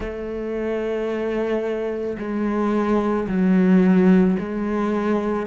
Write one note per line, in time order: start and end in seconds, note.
0.00 2.17 A3
2.18 3.27 G#3
3.28 4.37 F#3
4.39 5.46 G#3